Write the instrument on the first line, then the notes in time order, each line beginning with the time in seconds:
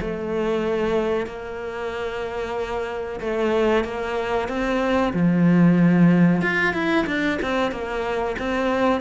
cello
0.00 A3
1.26 A#3
3.20 A3
3.84 A#3
4.48 C4
5.13 F3
6.41 F4
6.73 E4
7.06 D4
7.42 C4
7.71 A#3
8.38 C4